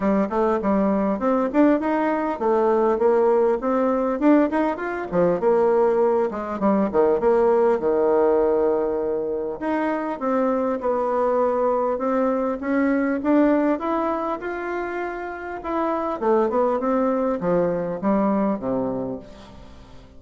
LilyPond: \new Staff \with { instrumentName = "bassoon" } { \time 4/4 \tempo 4 = 100 g8 a8 g4 c'8 d'8 dis'4 | a4 ais4 c'4 d'8 dis'8 | f'8 f8 ais4. gis8 g8 dis8 | ais4 dis2. |
dis'4 c'4 b2 | c'4 cis'4 d'4 e'4 | f'2 e'4 a8 b8 | c'4 f4 g4 c4 | }